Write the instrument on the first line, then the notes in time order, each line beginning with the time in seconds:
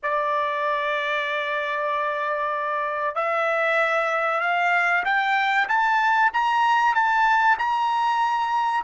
trumpet
0.03 D5
3.15 E5
4.40 F5
5.04 G5
5.68 A5
6.33 A#5
6.94 A5
7.58 A#5